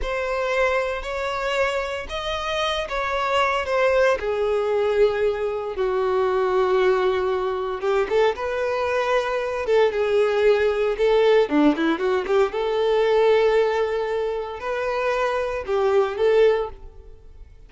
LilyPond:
\new Staff \with { instrumentName = "violin" } { \time 4/4 \tempo 4 = 115 c''2 cis''2 | dis''4. cis''4. c''4 | gis'2. fis'4~ | fis'2. g'8 a'8 |
b'2~ b'8 a'8 gis'4~ | gis'4 a'4 d'8 e'8 fis'8 g'8 | a'1 | b'2 g'4 a'4 | }